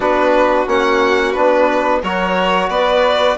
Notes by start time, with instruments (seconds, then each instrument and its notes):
0.00 bassoon B3, trombone D4, violin F#4 B4
0.67 bassoon A#3, trombone C#4, violin F#5
1.32 bassoon B3, trombone D4, violin B4
2.02 bassoon F#3, trombone F#4, violin A#4 C#5
2.69 bassoon B3, violin B4 D5